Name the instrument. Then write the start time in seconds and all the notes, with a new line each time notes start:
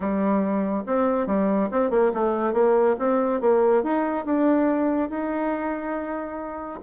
bassoon
0.00 G3
0.86 C4
1.27 G3
1.71 C4
1.90 A#3
2.14 A3
2.53 A#3
2.98 C4
3.40 A#3
3.83 D#4
4.25 D4
5.09 D#4